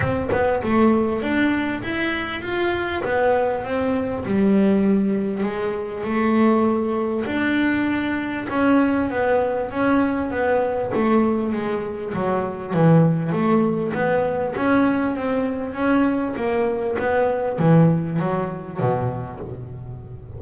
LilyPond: \new Staff \with { instrumentName = "double bass" } { \time 4/4 \tempo 4 = 99 c'8 b8 a4 d'4 e'4 | f'4 b4 c'4 g4~ | g4 gis4 a2 | d'2 cis'4 b4 |
cis'4 b4 a4 gis4 | fis4 e4 a4 b4 | cis'4 c'4 cis'4 ais4 | b4 e4 fis4 b,4 | }